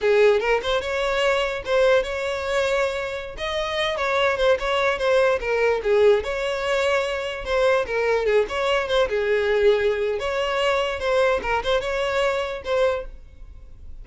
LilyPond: \new Staff \with { instrumentName = "violin" } { \time 4/4 \tempo 4 = 147 gis'4 ais'8 c''8 cis''2 | c''4 cis''2.~ | cis''16 dis''4. cis''4 c''8 cis''8.~ | cis''16 c''4 ais'4 gis'4 cis''8.~ |
cis''2~ cis''16 c''4 ais'8.~ | ais'16 gis'8 cis''4 c''8 gis'4.~ gis'16~ | gis'4 cis''2 c''4 | ais'8 c''8 cis''2 c''4 | }